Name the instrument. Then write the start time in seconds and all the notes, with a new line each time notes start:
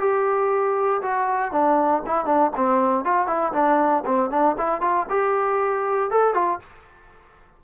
trombone
0.00 G4
1.02 F#4
1.52 D4
2.07 E4
2.26 D4
2.57 C4
3.05 F4
3.27 E4
3.53 D4
4.06 C4
4.31 D4
4.58 E4
4.81 F4
5.10 G4
6.11 A4
6.34 F4